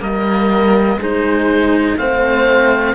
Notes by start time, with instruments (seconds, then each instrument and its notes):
0.00 cello G3 A#3, horn A#4, oboe D#5
0.97 cello G#3 D#4, horn G#4, oboe C5
1.97 cello A3 C4, horn C5, oboe F5